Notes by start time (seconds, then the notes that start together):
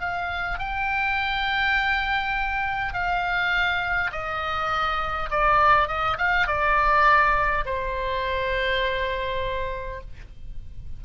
0.00 F5
0.59 G5
2.94 F5
4.12 D#5
5.31 D5
5.88 D#5
6.18 F5
6.48 D5
7.66 C5